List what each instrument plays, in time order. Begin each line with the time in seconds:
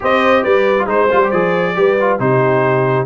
0.00 tuba C4, trombone G4, horn C5, trumpet D#5
0.42 tuba G3, horn B4, trumpet D5
0.78 trombone F4
0.86 tuba G#3, trombone D#4, horn C5, trumpet C5
1.11 tuba G3, trombone F4
1.23 trombone G4
1.30 tuba F3, trombone G#4, trumpet D5
1.75 tuba G3, trombone G4, horn B4
2.00 trombone F4
2.19 tuba C3, trombone D#4, horn G4, trumpet C5